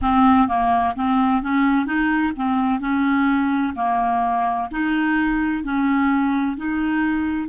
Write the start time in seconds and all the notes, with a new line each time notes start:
0.01 C4
0.47 A#3
0.95 C4
1.42 C#4
1.85 D#4
2.36 C4
2.80 C#4
3.75 A#3
4.71 D#4
5.63 C#4
6.56 D#4